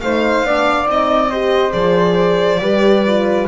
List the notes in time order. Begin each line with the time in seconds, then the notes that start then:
0.00 A3 D#4 C5 F5
0.43 B3 D4 D5
0.85 C4 D#4 D#5
1.30 G4 C5
1.71 F3 G#4 D5
2.59 G3 G4 B4
3.06 F4